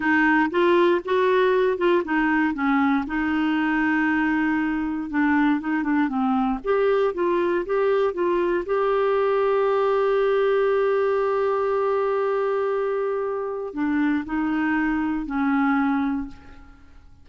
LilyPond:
\new Staff \with { instrumentName = "clarinet" } { \time 4/4 \tempo 4 = 118 dis'4 f'4 fis'4. f'8 | dis'4 cis'4 dis'2~ | dis'2 d'4 dis'8 d'8 | c'4 g'4 f'4 g'4 |
f'4 g'2.~ | g'1~ | g'2. d'4 | dis'2 cis'2 | }